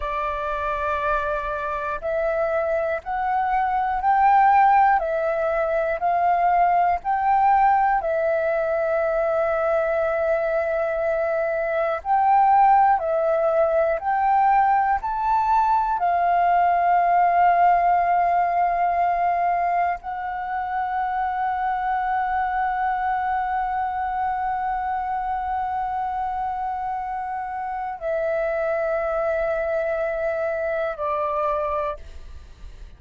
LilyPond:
\new Staff \with { instrumentName = "flute" } { \time 4/4 \tempo 4 = 60 d''2 e''4 fis''4 | g''4 e''4 f''4 g''4 | e''1 | g''4 e''4 g''4 a''4 |
f''1 | fis''1~ | fis''1 | e''2. d''4 | }